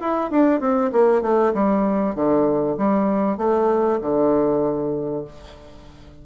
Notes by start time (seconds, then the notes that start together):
0.00 E4
0.30 D4
0.60 C4
0.92 A#3
1.22 A3
1.54 G3
2.15 D3
2.77 G3
3.37 A3
4.01 D3